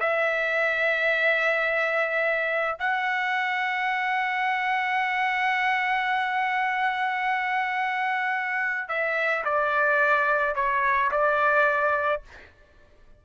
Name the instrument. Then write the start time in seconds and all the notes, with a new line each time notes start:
trumpet
0.00 E5
2.79 F#5
8.89 E5
9.44 D5
10.56 C#5
11.11 D5